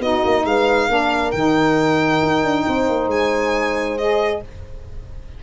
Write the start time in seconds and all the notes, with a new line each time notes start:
0.00 B3 D#4 F#4 D#5
0.25 A#3
0.45 G#3 B4 F5
0.89 A#3 D4 A#4
1.31 D#3 D#4 G5
2.22 D#4
2.44 D4
2.66 C4 C5
2.89 A#3
3.07 G#3 G#5
3.98 G#4 D#5